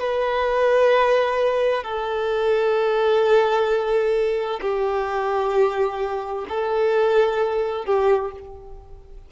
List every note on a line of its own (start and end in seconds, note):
0.00 1.83 B4
1.83 4.60 A4
4.61 6.46 G4
6.49 7.85 A4
7.85 8.31 G4